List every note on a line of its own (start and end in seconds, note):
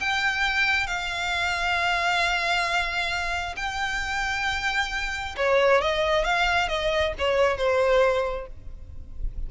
0.00 0.87 G5
0.87 3.55 F5
3.57 5.36 G5
5.37 5.81 C#5
5.81 6.25 D#5
6.25 6.69 F5
6.69 7.13 D#5
7.18 7.57 C#5
7.57 8.47 C5